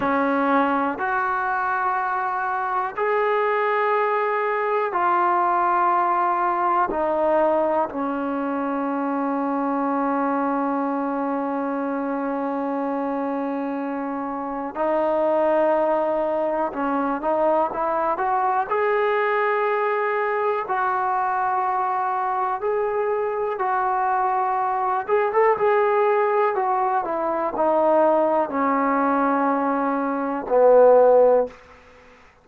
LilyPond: \new Staff \with { instrumentName = "trombone" } { \time 4/4 \tempo 4 = 61 cis'4 fis'2 gis'4~ | gis'4 f'2 dis'4 | cis'1~ | cis'2. dis'4~ |
dis'4 cis'8 dis'8 e'8 fis'8 gis'4~ | gis'4 fis'2 gis'4 | fis'4. gis'16 a'16 gis'4 fis'8 e'8 | dis'4 cis'2 b4 | }